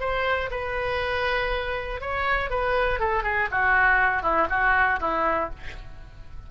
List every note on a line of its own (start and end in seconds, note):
0.00 0.50 C5
0.50 2.00 B4
2.00 2.50 C#5
2.50 2.99 B4
2.99 3.23 A4
3.23 3.48 G#4
3.51 4.22 F#4
4.22 4.47 E4
4.49 4.99 F#4
5.00 5.50 E4